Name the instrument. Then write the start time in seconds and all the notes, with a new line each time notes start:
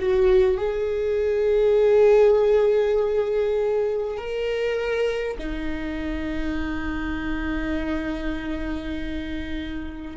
viola
0.00 F#4
0.58 G#4
4.18 A#4
5.38 D#4